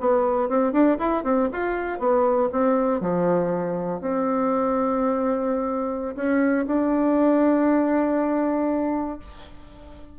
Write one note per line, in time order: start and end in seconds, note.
0.00 0.49 B3
0.49 0.73 C4
0.73 0.98 D4
0.98 1.24 E4
1.24 1.49 C4
1.52 1.99 F4
1.99 2.50 B3
2.52 3.00 C4
3.00 4.01 F3
4.01 6.15 C4
6.15 6.66 C#4
6.67 9.19 D4